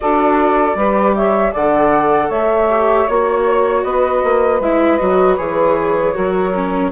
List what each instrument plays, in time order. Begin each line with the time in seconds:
0.00 bassoon D4, viola F#4, saxophone A4, flute D5
0.75 bassoon G3, viola G4, saxophone B4
1.15 saxophone C#5, flute E5
1.51 bassoon D3, viola A4, saxophone D5, flute F#5
2.28 bassoon A3, saxophone C#5, flute E5
2.69 viola G4
3.07 bassoon A#3, viola F#4, flute C#5
3.83 bassoon B3, saxophone B4, flute D#5
4.23 bassoon A#3
4.60 bassoon G#3, viola E4, flute E5
4.96 bassoon F#3, viola F#4, flute D#5
5.37 bassoon E3, viola G#4, flute C#5
6.13 bassoon F#3, viola F#4, saxophone A#4
6.53 viola C#4